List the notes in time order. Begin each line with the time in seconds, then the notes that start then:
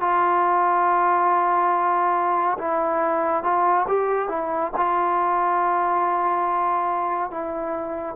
0.00 F4
2.58 E4
3.43 F4
3.87 G4
4.28 E4
4.76 F4
7.30 E4